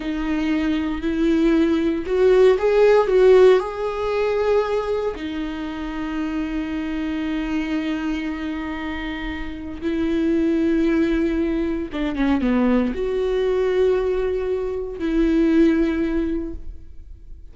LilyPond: \new Staff \with { instrumentName = "viola" } { \time 4/4 \tempo 4 = 116 dis'2 e'2 | fis'4 gis'4 fis'4 gis'4~ | gis'2 dis'2~ | dis'1~ |
dis'2. e'4~ | e'2. d'8 cis'8 | b4 fis'2.~ | fis'4 e'2. | }